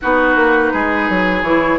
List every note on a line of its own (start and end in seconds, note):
0.01 0.35 B3
0.01 1.44 D#4
0.01 0.73 F#4
0.01 1.42 B4
0.35 0.71 A#3
0.73 1.09 G#3
0.73 1.78 G#4
1.09 1.42 F#3
1.42 1.78 E3
1.42 1.78 E4
1.42 1.78 C#5